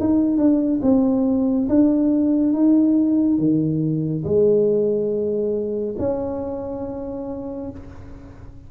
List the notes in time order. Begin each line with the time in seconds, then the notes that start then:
0.00 D#4
0.38 D4
0.83 C4
1.69 D4
2.54 D#4
3.39 D#3
4.25 G#3
5.99 C#4